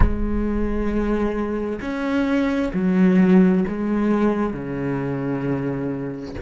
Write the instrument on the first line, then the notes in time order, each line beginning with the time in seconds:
cello
0.00 G#3
1.81 C#4
2.73 F#3
3.68 G#3
4.53 C#3